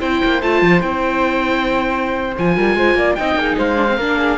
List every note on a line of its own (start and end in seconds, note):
0.00 0.22 C4
0.00 0.41 E4
0.00 2.56 C5
0.00 0.42 G5
0.24 0.42 A#3
0.42 0.62 A3
0.42 0.81 F4
0.42 0.82 A5
0.62 0.82 F3
0.81 2.35 C4
0.81 2.34 E4
0.81 2.35 G5
2.38 2.57 F3
2.38 3.18 F4
2.38 3.15 G#5
2.56 2.75 G3
2.56 2.77 A#4
2.75 2.94 G#3
2.75 2.97 C5
2.94 3.15 A#3
2.94 3.18 D5
3.15 3.35 C4
3.15 3.76 D#4
3.15 3.38 D#5
3.15 3.56 G5
3.35 3.56 A#3
3.35 3.58 G#4
3.58 3.98 G#3
3.58 3.98 C5
3.58 4.38 F5
3.76 3.86 D4
3.88 3.99 C4
3.98 4.38 A#3
3.98 4.38 D4
3.98 4.18 A#4
4.18 4.38 G#4